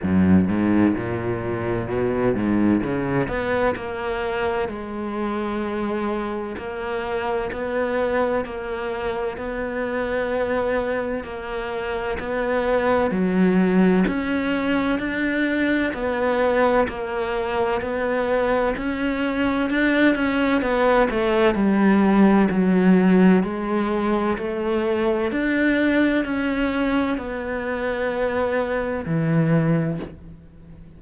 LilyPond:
\new Staff \with { instrumentName = "cello" } { \time 4/4 \tempo 4 = 64 fis,8 gis,8 ais,4 b,8 gis,8 cis8 b8 | ais4 gis2 ais4 | b4 ais4 b2 | ais4 b4 fis4 cis'4 |
d'4 b4 ais4 b4 | cis'4 d'8 cis'8 b8 a8 g4 | fis4 gis4 a4 d'4 | cis'4 b2 e4 | }